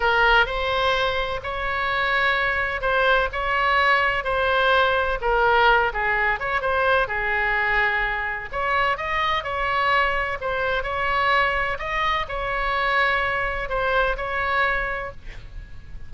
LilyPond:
\new Staff \with { instrumentName = "oboe" } { \time 4/4 \tempo 4 = 127 ais'4 c''2 cis''4~ | cis''2 c''4 cis''4~ | cis''4 c''2 ais'4~ | ais'8 gis'4 cis''8 c''4 gis'4~ |
gis'2 cis''4 dis''4 | cis''2 c''4 cis''4~ | cis''4 dis''4 cis''2~ | cis''4 c''4 cis''2 | }